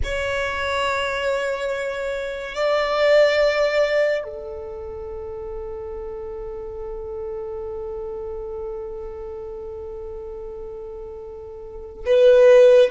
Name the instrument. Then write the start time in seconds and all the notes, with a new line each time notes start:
violin
0.03 C#5
2.54 D5
4.23 A4
12.05 B4